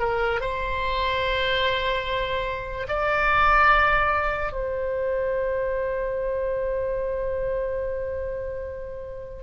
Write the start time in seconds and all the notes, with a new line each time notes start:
0.00 A#4
0.41 C5
2.88 D5
4.53 C5